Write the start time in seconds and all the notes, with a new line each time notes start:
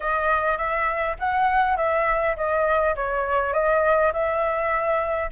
0.00 D#5
0.57 E5
1.19 F#5
1.76 E5
2.36 D#5
2.95 C#5
3.53 D#5
4.12 E5